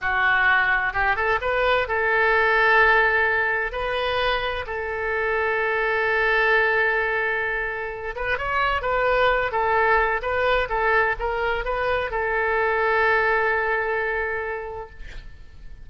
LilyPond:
\new Staff \with { instrumentName = "oboe" } { \time 4/4 \tempo 4 = 129 fis'2 g'8 a'8 b'4 | a'1 | b'2 a'2~ | a'1~ |
a'4. b'8 cis''4 b'4~ | b'8 a'4. b'4 a'4 | ais'4 b'4 a'2~ | a'1 | }